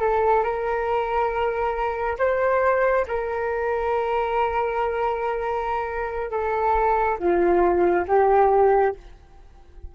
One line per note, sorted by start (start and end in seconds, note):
0.00 0.43 A4
0.43 2.17 A#4
2.19 3.06 C5
3.08 6.31 A#4
6.31 7.18 A4
7.19 8.06 F4
8.08 8.94 G4